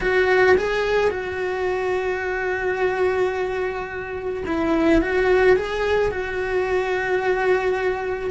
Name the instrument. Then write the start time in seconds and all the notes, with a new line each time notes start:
cello
0.00 F#4
0.57 G#4
1.10 F#4
4.45 E4
5.01 F#4
5.56 G#4
6.11 F#4